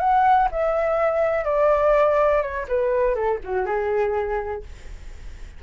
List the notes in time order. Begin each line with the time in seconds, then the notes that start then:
0.00 F#5
0.51 E5
1.45 D5
2.42 C#5
2.68 B4
3.15 A4
3.44 F#4
3.66 G#4